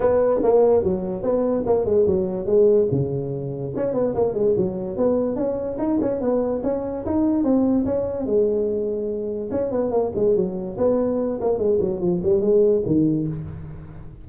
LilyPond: \new Staff \with { instrumentName = "tuba" } { \time 4/4 \tempo 4 = 145 b4 ais4 fis4 b4 | ais8 gis8 fis4 gis4 cis4~ | cis4 cis'8 b8 ais8 gis8 fis4 | b4 cis'4 dis'8 cis'8 b4 |
cis'4 dis'4 c'4 cis'4 | gis2. cis'8 b8 | ais8 gis8 fis4 b4. ais8 | gis8 fis8 f8 g8 gis4 dis4 | }